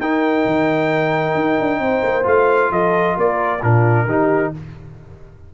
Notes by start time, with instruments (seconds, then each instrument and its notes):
0.00 tuba D#4, trombone D#4, horn A#4, trumpet G5
0.46 tuba D#3
1.35 tuba D#4
1.60 tuba D4
1.79 tuba C4, horn C5
2.03 tuba A#3
2.24 tuba A3, trombone F4, trumpet F5
2.71 tuba F3, horn A4, trumpet D#5
3.17 tuba A#3, horn A#4, trumpet D5
3.61 tuba A#2, trombone D4, horn F4, trumpet A#4
4.06 tuba D#3, trombone D#4, horn G4